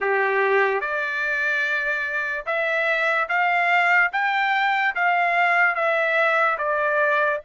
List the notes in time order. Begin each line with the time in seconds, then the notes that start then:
0.00 G4
0.80 D5
2.45 E5
3.28 F5
4.12 G5
4.95 F5
5.75 E5
6.58 D5